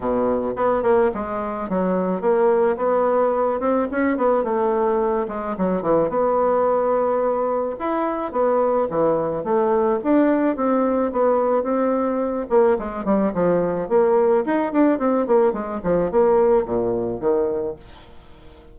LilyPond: \new Staff \with { instrumentName = "bassoon" } { \time 4/4 \tempo 4 = 108 b,4 b8 ais8 gis4 fis4 | ais4 b4. c'8 cis'8 b8 | a4. gis8 fis8 e8 b4~ | b2 e'4 b4 |
e4 a4 d'4 c'4 | b4 c'4. ais8 gis8 g8 | f4 ais4 dis'8 d'8 c'8 ais8 | gis8 f8 ais4 ais,4 dis4 | }